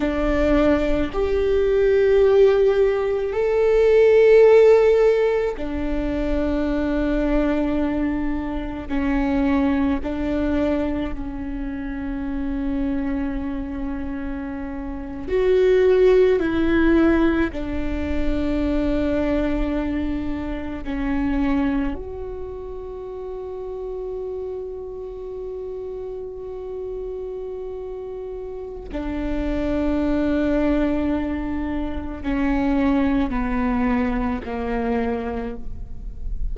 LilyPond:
\new Staff \with { instrumentName = "viola" } { \time 4/4 \tempo 4 = 54 d'4 g'2 a'4~ | a'4 d'2. | cis'4 d'4 cis'2~ | cis'4.~ cis'16 fis'4 e'4 d'16~ |
d'2~ d'8. cis'4 fis'16~ | fis'1~ | fis'2 d'2~ | d'4 cis'4 b4 ais4 | }